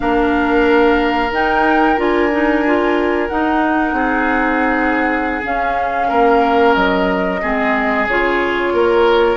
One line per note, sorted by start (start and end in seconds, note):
0.00 1.31 A#3
0.00 1.29 D4
0.00 3.95 A#4
0.00 1.32 F5
1.31 1.97 D#4
1.31 2.00 G5
1.97 3.29 D4
1.97 2.30 F4
1.97 3.28 G#5
2.31 2.64 D#4
2.65 3.29 F4
3.28 5.42 D#4
3.28 3.92 D#4
3.28 5.42 F#5
3.92 5.41 C4
3.92 6.08 G#4
5.42 7.40 C#4
5.42 6.11 C#4
5.42 6.74 F5
6.08 6.75 A#3
6.08 7.40 A#4
6.74 7.41 F#3
6.74 8.06 D#5
7.41 8.07 G#3
7.41 8.07 C4
7.41 8.73 G#4
8.07 8.73 C#3
8.07 9.36 F4
8.07 9.36 C#5
8.73 9.36 A#3
8.73 9.36 A#4